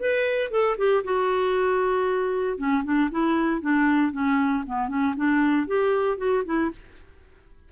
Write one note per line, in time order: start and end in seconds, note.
0.00 0.51 B4
0.51 0.77 A4
0.78 1.04 G4
1.04 2.58 F#4
2.58 2.84 C#4
2.84 3.10 D4
3.11 3.61 E4
3.61 4.12 D4
4.12 4.64 C#4
4.67 4.89 B3
4.89 5.15 C#4
5.17 5.68 D4
5.68 6.18 G4
6.18 6.44 F#4
6.45 6.71 E4